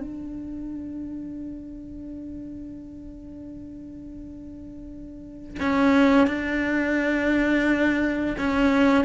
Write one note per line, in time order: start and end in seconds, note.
0.00 5.58 D4
5.60 6.27 C#4
6.27 8.36 D4
8.38 9.05 C#4